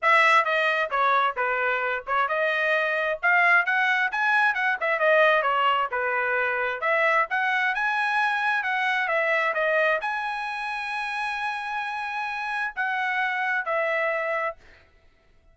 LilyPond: \new Staff \with { instrumentName = "trumpet" } { \time 4/4 \tempo 4 = 132 e''4 dis''4 cis''4 b'4~ | b'8 cis''8 dis''2 f''4 | fis''4 gis''4 fis''8 e''8 dis''4 | cis''4 b'2 e''4 |
fis''4 gis''2 fis''4 | e''4 dis''4 gis''2~ | gis''1 | fis''2 e''2 | }